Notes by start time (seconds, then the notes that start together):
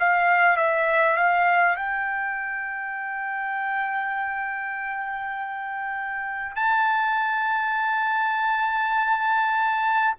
0.00 F5
0.57 E5
1.17 F5
1.76 G5
6.56 A5